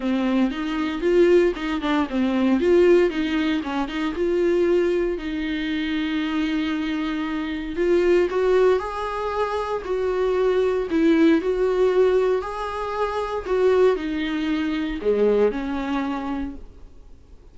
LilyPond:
\new Staff \with { instrumentName = "viola" } { \time 4/4 \tempo 4 = 116 c'4 dis'4 f'4 dis'8 d'8 | c'4 f'4 dis'4 cis'8 dis'8 | f'2 dis'2~ | dis'2. f'4 |
fis'4 gis'2 fis'4~ | fis'4 e'4 fis'2 | gis'2 fis'4 dis'4~ | dis'4 gis4 cis'2 | }